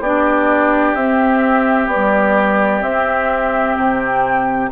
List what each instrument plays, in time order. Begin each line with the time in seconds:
0.00 bassoon B3, clarinet D4, oboe G4, flute D5
0.95 bassoon C4, clarinet C4, flute E5
1.87 clarinet G3, bassoon B3, flute D5
2.82 clarinet C4, bassoon C4, flute E5
3.77 bassoon C3, flute G5